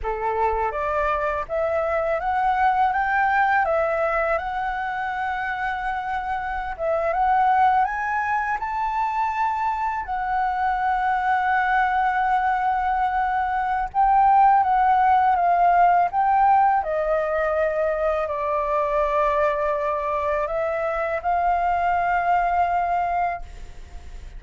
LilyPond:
\new Staff \with { instrumentName = "flute" } { \time 4/4 \tempo 4 = 82 a'4 d''4 e''4 fis''4 | g''4 e''4 fis''2~ | fis''4~ fis''16 e''8 fis''4 gis''4 a''16~ | a''4.~ a''16 fis''2~ fis''16~ |
fis''2. g''4 | fis''4 f''4 g''4 dis''4~ | dis''4 d''2. | e''4 f''2. | }